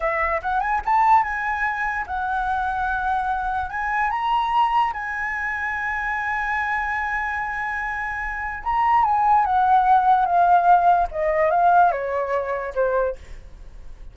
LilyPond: \new Staff \with { instrumentName = "flute" } { \time 4/4 \tempo 4 = 146 e''4 fis''8 gis''8 a''4 gis''4~ | gis''4 fis''2.~ | fis''4 gis''4 ais''2 | gis''1~ |
gis''1~ | gis''4 ais''4 gis''4 fis''4~ | fis''4 f''2 dis''4 | f''4 cis''2 c''4 | }